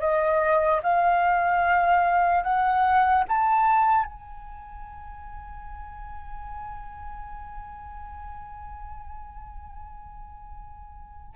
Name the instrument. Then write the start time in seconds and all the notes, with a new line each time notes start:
flute
0.00 D#5
0.83 F5
2.43 F#5
3.29 A5
4.05 G#5